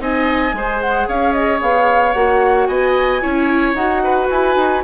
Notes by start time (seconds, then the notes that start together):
0.00 C4 D#4 D#5 G#5
0.53 G#3 G#4 C5
0.81 F#5
1.08 C#4 C#5 F5
1.33 D#5
1.61 B3 F5
2.13 A#3 F#4 F#5
2.67 B3 D#5 G#5
3.22 C#4 E4 C#5
3.74 D#4 F#4 F#5
4.04 B4
4.30 E4 G#5
4.56 D#4